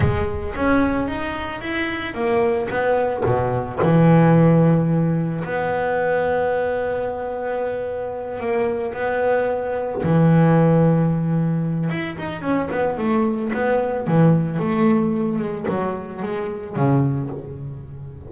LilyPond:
\new Staff \with { instrumentName = "double bass" } { \time 4/4 \tempo 4 = 111 gis4 cis'4 dis'4 e'4 | ais4 b4 b,4 e4~ | e2 b2~ | b2.~ b8 ais8~ |
ais8 b2 e4.~ | e2 e'8 dis'8 cis'8 b8 | a4 b4 e4 a4~ | a8 gis8 fis4 gis4 cis4 | }